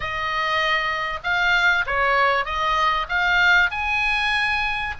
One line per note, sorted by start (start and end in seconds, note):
0.00 1.19 D#5
1.23 1.85 F5
1.86 2.45 C#5
2.45 3.06 D#5
3.08 3.70 F5
3.70 4.94 G#5